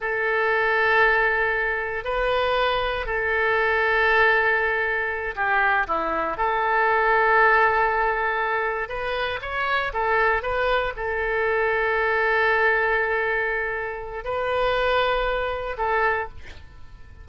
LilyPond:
\new Staff \with { instrumentName = "oboe" } { \time 4/4 \tempo 4 = 118 a'1 | b'2 a'2~ | a'2~ a'8 g'4 e'8~ | e'8 a'2.~ a'8~ |
a'4. b'4 cis''4 a'8~ | a'8 b'4 a'2~ a'8~ | a'1 | b'2. a'4 | }